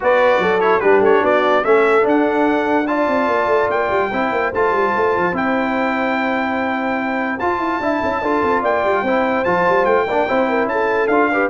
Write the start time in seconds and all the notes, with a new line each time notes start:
0.00 B3 F#4 B4 D5
0.38 F#3 A4
0.60 E4 C#5
0.80 G3 D4 G4 B4
1.00 A3 C#5
1.22 B3 F#4 D5
1.63 A3 C#4 A4 E5
2.02 D4
2.08 F#5
2.87 F4 D5 A5
3.07 C4
3.27 A#3
3.46 A3
3.68 A#3 G5
3.90 G3
4.11 C4 E4 C5
4.31 A#3
4.53 A3 F4 A5
4.71 G3
4.96 A3
5.16 F3
5.32 C4 E4 G5
7.39 F4 A5
7.58 E4
7.80 D4 E4 E5
8.03 C#4
8.21 D4 F4 A4
8.43 C4
8.61 A#3 D5 G5
8.84 G3
9.02 C4 E4 C5
9.44 F3 F4 A5
9.68 G3
9.85 A3 G5
10.07 A#3 D4 D5
10.28 C4 E4 C5
10.48 A#4
10.65 C#4 A5
10.71 A4
11.07 D4 F4 F5
11.31 G4 B4